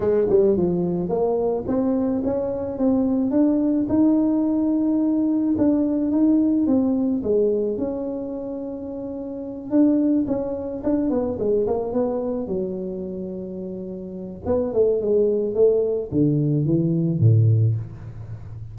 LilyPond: \new Staff \with { instrumentName = "tuba" } { \time 4/4 \tempo 4 = 108 gis8 g8 f4 ais4 c'4 | cis'4 c'4 d'4 dis'4~ | dis'2 d'4 dis'4 | c'4 gis4 cis'2~ |
cis'4. d'4 cis'4 d'8 | b8 gis8 ais8 b4 fis4.~ | fis2 b8 a8 gis4 | a4 d4 e4 a,4 | }